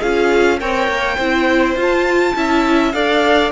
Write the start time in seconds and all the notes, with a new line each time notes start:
0.00 C#4 F4 G#4 F5
0.60 C4 A#4 C#5 G5
0.88 A#3
1.17 C4 E4 C5
1.75 F4
1.82 A5
2.36 C#4 E4 E5
2.92 D4 A4 D5 F5